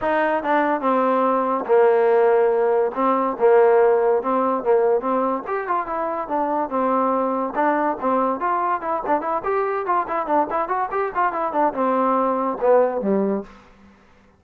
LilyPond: \new Staff \with { instrumentName = "trombone" } { \time 4/4 \tempo 4 = 143 dis'4 d'4 c'2 | ais2. c'4 | ais2 c'4 ais4 | c'4 g'8 f'8 e'4 d'4 |
c'2 d'4 c'4 | f'4 e'8 d'8 e'8 g'4 f'8 | e'8 d'8 e'8 fis'8 g'8 f'8 e'8 d'8 | c'2 b4 g4 | }